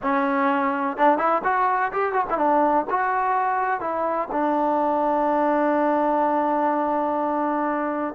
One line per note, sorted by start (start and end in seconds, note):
0.02 0.97 C#4
0.97 1.18 D4
1.18 1.42 E4
1.44 1.92 F#4
1.92 2.13 G4
2.13 2.24 F#4
2.29 2.37 E4
2.37 2.85 D4
2.90 3.80 F#4
3.80 4.28 E4
4.31 8.14 D4